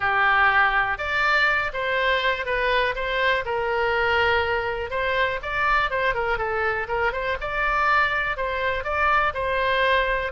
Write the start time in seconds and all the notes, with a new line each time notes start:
0.00 G4
0.97 D5
1.73 C5
2.45 B4
2.95 C5
3.45 A#4
4.90 C5
5.42 D5
5.90 C5
6.14 A#4
6.38 A4
6.88 A#4
7.12 C5
7.40 D5
8.37 C5
8.84 D5
9.34 C5